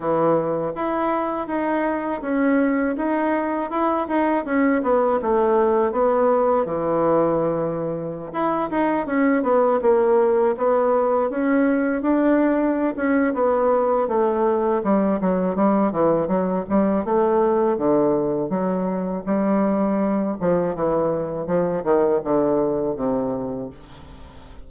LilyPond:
\new Staff \with { instrumentName = "bassoon" } { \time 4/4 \tempo 4 = 81 e4 e'4 dis'4 cis'4 | dis'4 e'8 dis'8 cis'8 b8 a4 | b4 e2~ e16 e'8 dis'16~ | dis'16 cis'8 b8 ais4 b4 cis'8.~ |
cis'16 d'4~ d'16 cis'8 b4 a4 | g8 fis8 g8 e8 fis8 g8 a4 | d4 fis4 g4. f8 | e4 f8 dis8 d4 c4 | }